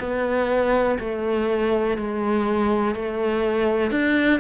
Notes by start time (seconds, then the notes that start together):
0.00 B3
1.00 A3
1.98 G#3
2.95 A3
3.91 D4